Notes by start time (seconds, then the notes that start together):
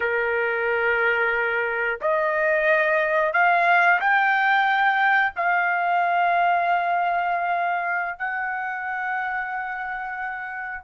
0.00 A#4
2.01 D#5
3.33 F5
4.00 G5
5.35 F5
8.18 F#5